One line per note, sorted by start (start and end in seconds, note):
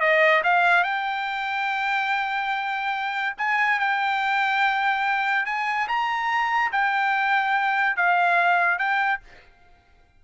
0.00 0.42 D#5
0.44 0.84 F5
0.84 3.35 G5
3.38 3.80 G#5
3.80 5.46 G5
5.46 5.88 G#5
5.88 6.72 A#5
6.72 7.96 G5
7.96 8.78 F5
8.78 9.20 G5